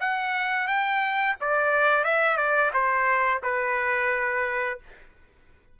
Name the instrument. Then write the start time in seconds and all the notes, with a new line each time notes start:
trumpet
0.00 F#5
0.68 G5
1.41 D5
2.05 E5
2.37 D5
2.73 C5
3.43 B4